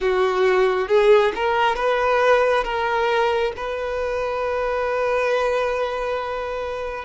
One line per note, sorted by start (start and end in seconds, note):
0.00 0.88 F#4
0.88 1.32 G#4
1.35 1.75 A#4
1.75 2.64 B4
2.64 3.52 A#4
3.56 7.05 B4